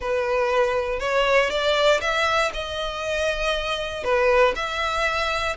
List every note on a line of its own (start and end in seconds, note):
0.00 0.99 B4
0.99 1.50 C#5
1.50 2.00 D5
2.01 2.51 E5
2.53 4.04 D#5
4.04 4.54 B4
4.55 5.56 E5